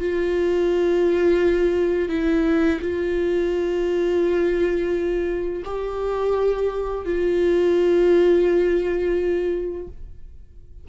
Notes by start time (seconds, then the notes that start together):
0.00 F4
2.09 E4
2.81 F4
5.65 G4
7.05 F4